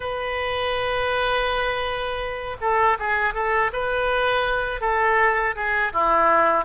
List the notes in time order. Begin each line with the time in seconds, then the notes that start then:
0.00 B4
2.60 A4
2.99 G#4
3.34 A4
3.72 B4
4.80 A4
5.55 G#4
5.93 E4